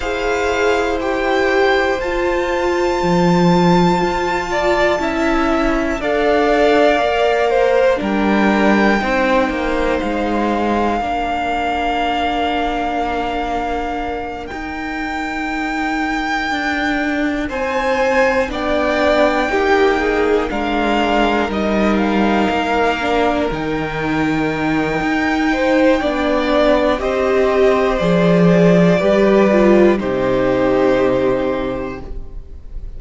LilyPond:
<<
  \new Staff \with { instrumentName = "violin" } { \time 4/4 \tempo 4 = 60 f''4 g''4 a''2~ | a''2 f''2 | g''2 f''2~ | f''2~ f''8 g''4.~ |
g''4. gis''4 g''4.~ | g''8 f''4 dis''8 f''4. g''8~ | g''2. dis''4 | d''2 c''2 | }
  \new Staff \with { instrumentName = "violin" } { \time 4/4 c''1~ | c''8 d''8 e''4 d''4. c''8 | ais'4 c''2 ais'4~ | ais'1~ |
ais'4. c''4 d''4 g'8 | gis'8 ais'2.~ ais'8~ | ais'4. c''8 d''4 c''4~ | c''4 b'4 g'2 | }
  \new Staff \with { instrumentName = "viola" } { \time 4/4 gis'4 g'4 f'2~ | f'4 e'4 a'4 ais'4 | d'4 dis'2 d'4~ | d'2~ d'8 dis'4.~ |
dis'2~ dis'8 d'4 dis'8~ | dis'8 d'4 dis'4. d'8 dis'8~ | dis'2 d'4 g'4 | gis'4 g'8 f'8 dis'2 | }
  \new Staff \with { instrumentName = "cello" } { \time 4/4 e'2 f'4 f4 | f'4 cis'4 d'4 ais4 | g4 c'8 ais8 gis4 ais4~ | ais2~ ais8 dis'4.~ |
dis'8 d'4 c'4 b4 ais8~ | ais8 gis4 g4 ais4 dis8~ | dis4 dis'4 b4 c'4 | f4 g4 c2 | }
>>